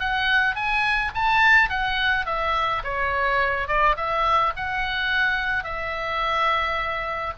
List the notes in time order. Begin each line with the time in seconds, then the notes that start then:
0.00 F#5
0.55 G#5
1.14 A5
1.69 F#5
2.26 E5
2.84 C#5
3.68 D5
3.96 E5
4.56 F#5
5.64 E5